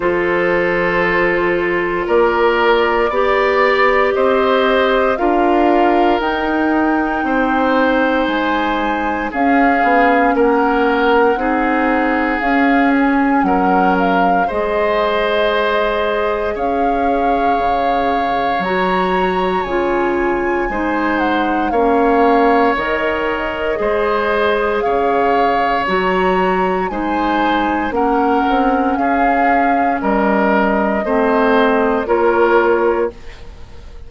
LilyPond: <<
  \new Staff \with { instrumentName = "flute" } { \time 4/4 \tempo 4 = 58 c''2 d''2 | dis''4 f''4 g''2 | gis''4 f''4 fis''2 | f''8 gis''8 fis''8 f''8 dis''2 |
f''2 ais''4 gis''4~ | gis''8 fis''8 f''4 dis''2 | f''4 ais''4 gis''4 fis''4 | f''4 dis''2 cis''4 | }
  \new Staff \with { instrumentName = "oboe" } { \time 4/4 a'2 ais'4 d''4 | c''4 ais'2 c''4~ | c''4 gis'4 ais'4 gis'4~ | gis'4 ais'4 c''2 |
cis''1 | c''4 cis''2 c''4 | cis''2 c''4 ais'4 | gis'4 ais'4 c''4 ais'4 | }
  \new Staff \with { instrumentName = "clarinet" } { \time 4/4 f'2. g'4~ | g'4 f'4 dis'2~ | dis'4 cis'2 dis'4 | cis'2 gis'2~ |
gis'2 fis'4 f'4 | dis'4 cis'4 ais'4 gis'4~ | gis'4 fis'4 dis'4 cis'4~ | cis'2 c'4 f'4 | }
  \new Staff \with { instrumentName = "bassoon" } { \time 4/4 f2 ais4 b4 | c'4 d'4 dis'4 c'4 | gis4 cis'8 b8 ais4 c'4 | cis'4 fis4 gis2 |
cis'4 cis4 fis4 cis4 | gis4 ais4 dis4 gis4 | cis4 fis4 gis4 ais8 c'8 | cis'4 g4 a4 ais4 | }
>>